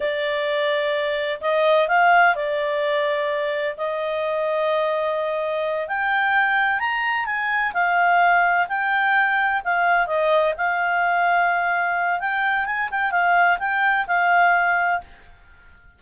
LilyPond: \new Staff \with { instrumentName = "clarinet" } { \time 4/4 \tempo 4 = 128 d''2. dis''4 | f''4 d''2. | dis''1~ | dis''8 g''2 ais''4 gis''8~ |
gis''8 f''2 g''4.~ | g''8 f''4 dis''4 f''4.~ | f''2 g''4 gis''8 g''8 | f''4 g''4 f''2 | }